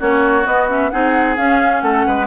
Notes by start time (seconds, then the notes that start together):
0.00 A#3 C#4 F#4 C#5
0.44 B3 D#5
0.69 C#4 E5
0.91 C4 D#4 G#4 F#5
1.37 C#4 F5
1.81 A3 A4 F#5
2.07 G#3 B4